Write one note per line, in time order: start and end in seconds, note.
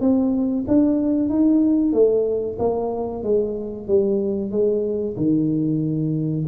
0.00 0.65 C4
0.67 1.29 D4
1.29 1.92 D#4
1.92 2.57 A3
2.58 3.23 A#3
3.23 3.87 G#3
3.87 4.51 G3
4.51 5.15 G#3
5.16 6.45 D#3